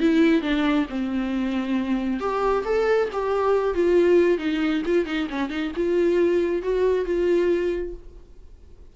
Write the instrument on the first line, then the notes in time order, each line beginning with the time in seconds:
viola
0.00 E4
0.42 D4
0.89 C4
2.20 G4
2.65 A4
3.13 G4
3.75 F4
4.38 D#4
4.86 F4
5.06 D#4
5.30 C#4
5.50 D#4
5.76 F4
6.63 F#4
7.05 F4